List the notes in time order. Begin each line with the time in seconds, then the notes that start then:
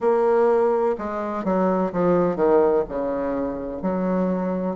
0.00 A#3
0.97 G#3
1.44 F#3
1.92 F3
2.35 D#3
2.88 C#3
3.81 F#3